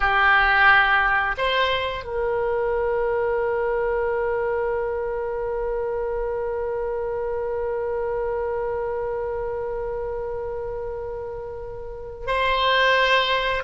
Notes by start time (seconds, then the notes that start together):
0.00 G4
1.37 C5
2.04 A#4
12.26 C5